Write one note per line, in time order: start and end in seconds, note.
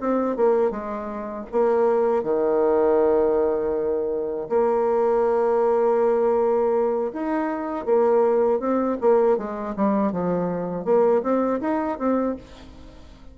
0.00 0.36 C4
0.36 0.71 A#3
0.71 1.46 G#3
1.52 2.23 A#3
2.23 4.48 D#3
4.49 7.12 A#3
7.13 7.85 D#4
7.85 8.60 A#3
8.60 8.97 C4
9.01 9.38 A#3
9.38 9.75 G#3
9.76 10.12 G3
10.12 10.85 F3
10.85 11.22 A#3
11.23 11.60 C4
11.61 11.98 D#4
11.98 12.36 C4